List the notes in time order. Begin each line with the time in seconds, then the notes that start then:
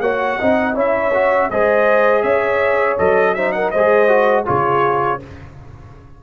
0.00 A#3 F#4 C#5 F#5
0.38 C4 D#4 D#5
0.74 C#4 E4 C#5 E5
1.13 F#4
1.50 G#3 G#4 C5 D#5
2.22 C#4 C#5 E5
2.98 F#3 A4 D#5
3.34 D#4 C5 E5
3.52 A#4 F#5
3.71 G#3 C5 D#5
3.77 G#4
4.08 F#4
4.45 C#3 F4 G#4 C#5